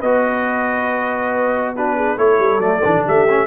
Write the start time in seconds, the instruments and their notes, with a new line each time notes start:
0.00 tuba B3, trombone F#4, horn B4, trumpet D#5
1.75 trombone D4, horn F#4, trumpet B4
1.96 horn G#4
2.17 tuba A3, trombone E4, horn A4, trumpet C#5
2.39 tuba G3
2.58 tuba F#3, trombone A3, trumpet D5
2.84 tuba E3, trombone D4
2.98 tuba D3
3.05 tuba A3, horn G4, trumpet E5
3.29 trombone C#4